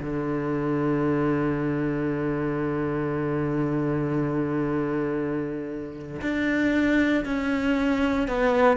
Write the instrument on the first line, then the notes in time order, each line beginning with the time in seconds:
cello
0.00 D3
6.21 D4
7.25 C#4
8.28 B3